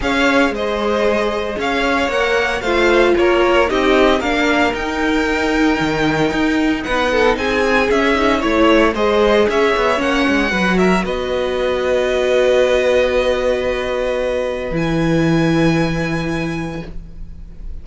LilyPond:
<<
  \new Staff \with { instrumentName = "violin" } { \time 4/4 \tempo 4 = 114 f''4 dis''2 f''4 | fis''4 f''4 cis''4 dis''4 | f''4 g''2.~ | g''4 fis''4 gis''4 e''4 |
cis''4 dis''4 e''4 fis''4~ | fis''8 e''8 dis''2.~ | dis''1 | gis''1 | }
  \new Staff \with { instrumentName = "violin" } { \time 4/4 cis''4 c''2 cis''4~ | cis''4 c''4 ais'4 g'4 | ais'1~ | ais'4 b'8 a'8 gis'2 |
cis''4 c''4 cis''2 | b'8 ais'8 b'2.~ | b'1~ | b'1 | }
  \new Staff \with { instrumentName = "viola" } { \time 4/4 gis'1 | ais'4 f'2 dis'4 | d'4 dis'2.~ | dis'2. cis'8 dis'8 |
e'4 gis'2 cis'4 | fis'1~ | fis'1 | e'1 | }
  \new Staff \with { instrumentName = "cello" } { \time 4/4 cis'4 gis2 cis'4 | ais4 a4 ais4 c'4 | ais4 dis'2 dis4 | dis'4 b4 c'4 cis'4 |
a4 gis4 cis'8 b8 ais8 gis8 | fis4 b2.~ | b1 | e1 | }
>>